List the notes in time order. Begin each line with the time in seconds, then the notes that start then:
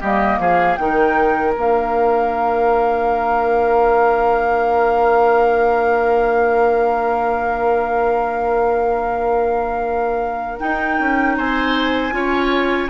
0.00 G3 A#3 G4 D#5
0.38 F3 G#4 F5
0.76 D#3 D#4 A#4 G5
1.54 A#3 D4 F5
10.59 D#4 G5
10.99 C#4
11.37 C4 C5 G#5
12.11 C#4 F4 C#5